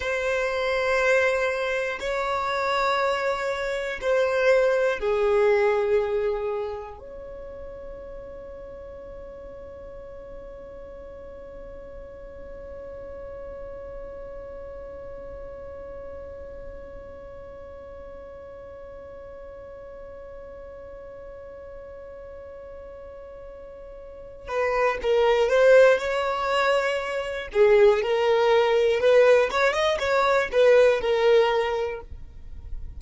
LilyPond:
\new Staff \with { instrumentName = "violin" } { \time 4/4 \tempo 4 = 60 c''2 cis''2 | c''4 gis'2 cis''4~ | cis''1~ | cis''1~ |
cis''1~ | cis''1~ | cis''8 b'8 ais'8 c''8 cis''4. gis'8 | ais'4 b'8 cis''16 dis''16 cis''8 b'8 ais'4 | }